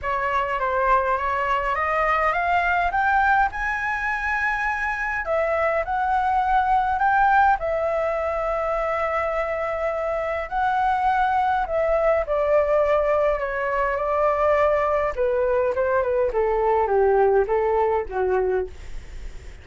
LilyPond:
\new Staff \with { instrumentName = "flute" } { \time 4/4 \tempo 4 = 103 cis''4 c''4 cis''4 dis''4 | f''4 g''4 gis''2~ | gis''4 e''4 fis''2 | g''4 e''2.~ |
e''2 fis''2 | e''4 d''2 cis''4 | d''2 b'4 c''8 b'8 | a'4 g'4 a'4 fis'4 | }